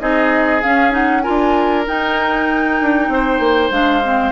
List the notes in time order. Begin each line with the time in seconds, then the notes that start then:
0.00 C4 D#4 G#4 D#5
0.62 C#4 F5
0.91 D#4 F#5
1.22 D4 F4 A#4 G#5
1.87 D#4 G5
2.81 D4
3.09 C4 C5
3.40 A#3
3.71 G#3 D4 F5
4.04 C4